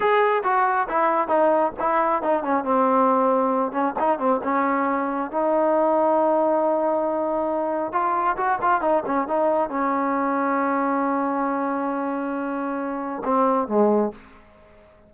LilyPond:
\new Staff \with { instrumentName = "trombone" } { \time 4/4 \tempo 4 = 136 gis'4 fis'4 e'4 dis'4 | e'4 dis'8 cis'8 c'2~ | c'8 cis'8 dis'8 c'8 cis'2 | dis'1~ |
dis'2 f'4 fis'8 f'8 | dis'8 cis'8 dis'4 cis'2~ | cis'1~ | cis'2 c'4 gis4 | }